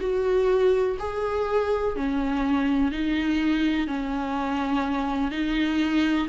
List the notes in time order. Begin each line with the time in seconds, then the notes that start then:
0.00 F#4
0.99 G#4
1.96 C#4
2.91 D#4
3.87 C#4
5.31 D#4